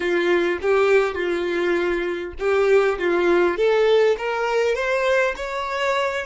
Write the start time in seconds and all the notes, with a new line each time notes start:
0.00 F4
0.61 G4
1.14 F4
2.39 G4
2.98 F4
3.57 A4
4.17 A#4
4.75 C5
5.36 C#5